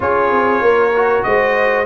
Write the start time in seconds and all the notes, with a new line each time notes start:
0.00 C#4 F4 G#4 C#5
0.30 C4
0.61 A#3 A#4
0.95 F#4
1.23 G#3 C5 D#5